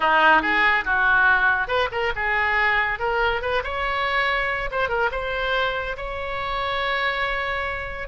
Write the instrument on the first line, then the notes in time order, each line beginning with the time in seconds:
oboe
0.00 D#4
0.42 G#4
0.84 F#4
1.67 B4
1.91 A#4
2.15 G#4
2.99 A#4
3.41 B4
3.63 C#5
4.71 C5
4.88 A#4
5.11 C5
5.97 C#5